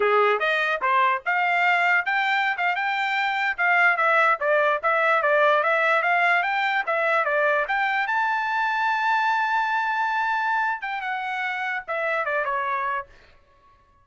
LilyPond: \new Staff \with { instrumentName = "trumpet" } { \time 4/4 \tempo 4 = 147 gis'4 dis''4 c''4 f''4~ | f''4 g''4~ g''16 f''8 g''4~ g''16~ | g''8. f''4 e''4 d''4 e''16~ | e''8. d''4 e''4 f''4 g''16~ |
g''8. e''4 d''4 g''4 a''16~ | a''1~ | a''2~ a''8 g''8 fis''4~ | fis''4 e''4 d''8 cis''4. | }